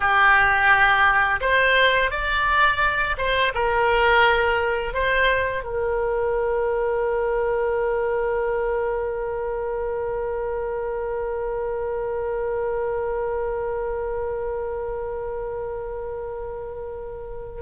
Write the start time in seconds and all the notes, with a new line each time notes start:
0.00 G4
1.41 C5
2.10 D5
3.17 C5
3.54 A#4
4.93 C5
5.63 A#4